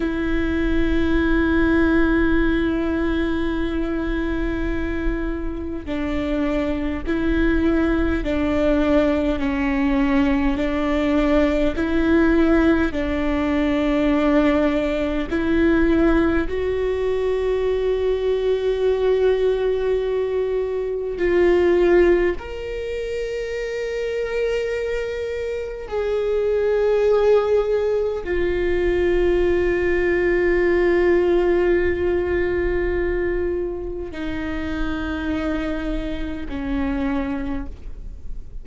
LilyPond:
\new Staff \with { instrumentName = "viola" } { \time 4/4 \tempo 4 = 51 e'1~ | e'4 d'4 e'4 d'4 | cis'4 d'4 e'4 d'4~ | d'4 e'4 fis'2~ |
fis'2 f'4 ais'4~ | ais'2 gis'2 | f'1~ | f'4 dis'2 cis'4 | }